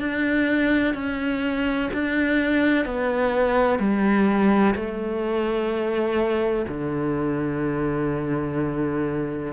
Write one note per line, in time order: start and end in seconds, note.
0.00 0.95 D4
0.95 1.90 C#4
1.94 2.86 D4
2.86 3.80 B3
3.80 4.75 G3
4.76 6.66 A3
6.69 9.53 D3